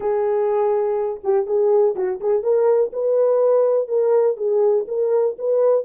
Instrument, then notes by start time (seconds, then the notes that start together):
horn
0.00 G#4
1.23 G4
1.46 G#4
1.95 F#4
2.20 G#4
2.43 A#4
2.93 B4
3.88 A#4
4.36 G#4
4.87 A#4
5.38 B4